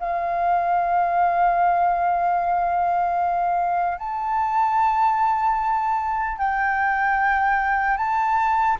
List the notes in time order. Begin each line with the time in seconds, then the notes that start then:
0.00 F5
3.98 A5
6.38 G5
7.97 A5